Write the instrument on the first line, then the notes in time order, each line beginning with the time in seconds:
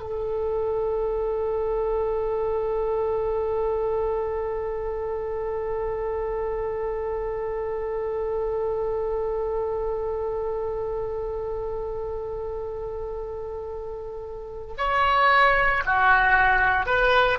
oboe
0.00 A4
14.78 C#5
15.86 F#4
16.86 B4